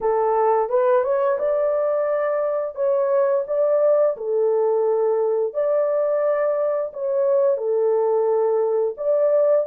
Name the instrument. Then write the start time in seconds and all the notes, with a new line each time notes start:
horn
0.01 A4
0.69 B4
1.03 C#5
1.38 D5
2.75 C#5
3.47 D5
4.16 A4
5.53 D5
6.93 C#5
7.57 A4
8.97 D5